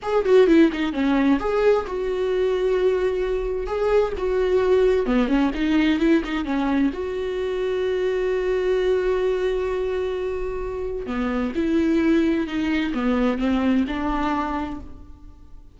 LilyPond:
\new Staff \with { instrumentName = "viola" } { \time 4/4 \tempo 4 = 130 gis'8 fis'8 e'8 dis'8 cis'4 gis'4 | fis'1 | gis'4 fis'2 b8 cis'8 | dis'4 e'8 dis'8 cis'4 fis'4~ |
fis'1~ | fis'1 | b4 e'2 dis'4 | b4 c'4 d'2 | }